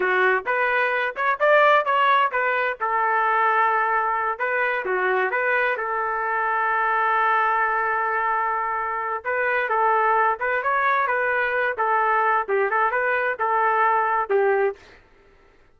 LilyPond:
\new Staff \with { instrumentName = "trumpet" } { \time 4/4 \tempo 4 = 130 fis'4 b'4. cis''8 d''4 | cis''4 b'4 a'2~ | a'4. b'4 fis'4 b'8~ | b'8 a'2.~ a'8~ |
a'1 | b'4 a'4. b'8 cis''4 | b'4. a'4. g'8 a'8 | b'4 a'2 g'4 | }